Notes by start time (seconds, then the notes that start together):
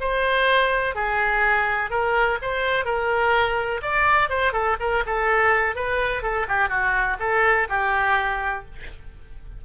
0.00 C5
0.95 G#4
1.90 A#4
2.42 C5
2.85 A#4
3.82 D5
4.29 C5
4.53 A4
4.80 A#4
5.06 A4
5.75 B4
6.22 A4
6.48 G4
6.69 F#4
7.20 A4
7.69 G4